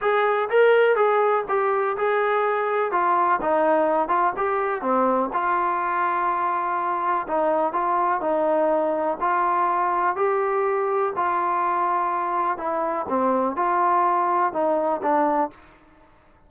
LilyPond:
\new Staff \with { instrumentName = "trombone" } { \time 4/4 \tempo 4 = 124 gis'4 ais'4 gis'4 g'4 | gis'2 f'4 dis'4~ | dis'8 f'8 g'4 c'4 f'4~ | f'2. dis'4 |
f'4 dis'2 f'4~ | f'4 g'2 f'4~ | f'2 e'4 c'4 | f'2 dis'4 d'4 | }